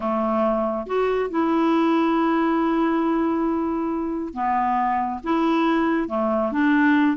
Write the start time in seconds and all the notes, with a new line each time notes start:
0.00 A3
0.86 F#4
1.30 E4
4.33 B3
5.23 E4
6.08 A3
6.52 D4